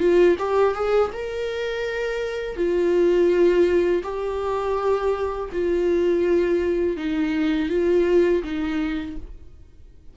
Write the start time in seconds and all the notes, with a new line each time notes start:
0.00 F4
0.39 G4
0.75 G#4
1.13 A#4
2.57 F4
4.04 G4
5.53 F4
6.97 D#4
7.70 F4
8.43 D#4